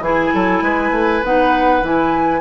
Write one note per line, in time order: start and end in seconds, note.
0.00 0.30 E3
0.00 1.23 E4
0.00 0.33 G#4
0.00 1.23 G#5
0.33 0.62 F#3
0.33 0.63 A4
0.62 0.91 G#3
0.62 2.41 B4
0.91 1.21 A3
1.24 1.82 B3
1.24 1.83 D#4
1.24 1.84 F#5
1.82 2.41 E3
1.82 2.41 E4
1.82 2.41 G#5